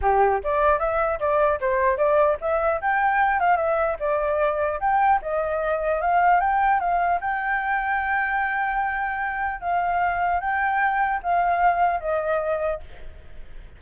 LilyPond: \new Staff \with { instrumentName = "flute" } { \time 4/4 \tempo 4 = 150 g'4 d''4 e''4 d''4 | c''4 d''4 e''4 g''4~ | g''8 f''8 e''4 d''2 | g''4 dis''2 f''4 |
g''4 f''4 g''2~ | g''1 | f''2 g''2 | f''2 dis''2 | }